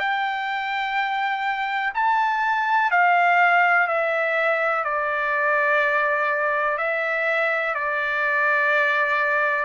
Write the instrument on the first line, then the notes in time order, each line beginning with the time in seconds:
trumpet
0.00 G5
1.95 A5
2.92 F5
3.88 E5
4.85 D5
6.78 E5
7.75 D5